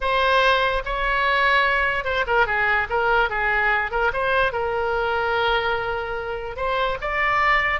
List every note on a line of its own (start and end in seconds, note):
0.00 0.82 C5
0.85 2.04 C#5
2.04 2.25 C5
2.26 2.46 A#4
2.46 2.87 G#4
2.89 3.29 A#4
3.29 3.91 G#4
3.91 4.11 A#4
4.13 4.52 C5
4.52 6.56 A#4
6.56 6.97 C5
7.01 7.80 D5